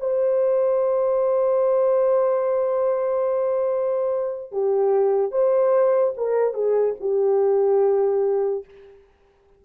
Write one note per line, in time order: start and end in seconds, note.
0.00 4.52 C5
4.52 5.32 G4
5.32 6.14 C5
6.17 6.54 A#4
6.54 6.95 G#4
7.00 8.65 G4